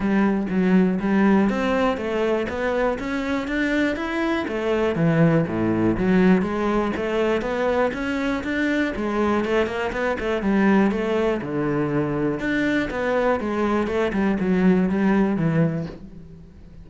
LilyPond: \new Staff \with { instrumentName = "cello" } { \time 4/4 \tempo 4 = 121 g4 fis4 g4 c'4 | a4 b4 cis'4 d'4 | e'4 a4 e4 a,4 | fis4 gis4 a4 b4 |
cis'4 d'4 gis4 a8 ais8 | b8 a8 g4 a4 d4~ | d4 d'4 b4 gis4 | a8 g8 fis4 g4 e4 | }